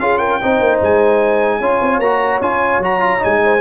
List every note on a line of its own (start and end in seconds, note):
0.00 0.40 C#4
0.00 0.41 F4
0.00 0.19 G#4
0.00 0.18 F5
0.18 0.39 A#4
0.18 0.78 G5
0.41 0.60 C4
0.41 1.62 D#4
0.41 1.59 C5
0.60 0.80 A#3
0.82 1.60 G#3
0.82 2.01 G#5
1.59 1.81 C#4
1.59 2.03 F4
1.59 3.41 C#5
1.82 1.99 C4
1.99 2.40 A#3
1.99 2.42 F#4
1.99 2.41 A#5
2.41 2.79 C#4
2.41 2.83 F4
2.41 2.82 G#5
2.79 3.19 F#3
2.79 3.00 F#4
2.79 3.24 A#5
3.00 3.19 F4
3.19 3.61 G#3
3.19 3.60 D#4
3.19 3.61 G#5
3.44 3.61 C5